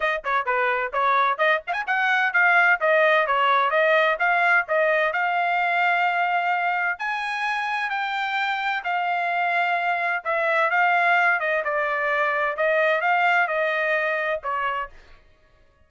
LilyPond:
\new Staff \with { instrumentName = "trumpet" } { \time 4/4 \tempo 4 = 129 dis''8 cis''8 b'4 cis''4 dis''8 f''16 gis''16 | fis''4 f''4 dis''4 cis''4 | dis''4 f''4 dis''4 f''4~ | f''2. gis''4~ |
gis''4 g''2 f''4~ | f''2 e''4 f''4~ | f''8 dis''8 d''2 dis''4 | f''4 dis''2 cis''4 | }